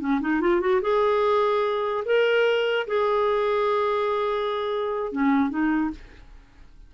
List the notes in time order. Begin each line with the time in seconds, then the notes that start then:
0.00 C#4
0.21 D#4
0.41 F4
0.60 F#4
0.81 G#4
2.05 A#4
2.87 G#4
5.12 C#4
5.50 D#4